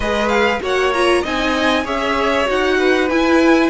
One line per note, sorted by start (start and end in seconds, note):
0.00 0.59 G#3
0.00 0.61 G#4
0.00 0.61 B4
0.00 0.28 D#5
0.28 0.59 F5
0.61 1.23 A#3
0.61 0.92 F#4
0.61 1.22 C#5
0.61 0.93 F#5
0.93 1.24 F4
0.93 1.24 A#5
1.22 1.85 C4
1.22 1.84 D#4
1.22 1.83 D#5
1.22 1.87 G#5
1.84 2.47 C#4
1.84 2.45 G#4
1.84 2.77 C#5
1.84 2.48 E5
2.45 3.09 D#4
2.45 3.07 F#4
2.45 3.09 F#5
2.78 3.69 B4
3.09 3.69 E4
3.09 3.69 G#5